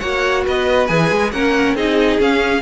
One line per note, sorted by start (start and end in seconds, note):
0.00 0.47 A#3
0.00 0.89 F#4
0.00 0.44 C#5
0.00 0.44 F#5
0.44 0.90 B3
0.44 1.32 B4
0.44 0.87 D#5
0.87 1.11 E3
0.87 1.33 G#4
0.87 1.31 G#5
1.11 1.33 G#3
1.32 1.75 A#3
1.32 1.77 C#4
1.32 1.76 A#4
1.32 1.76 F#5
1.75 2.19 C4
1.75 2.20 D#4
1.75 2.62 G#4
1.75 2.21 D#5
2.20 2.62 C#4
2.20 2.62 F5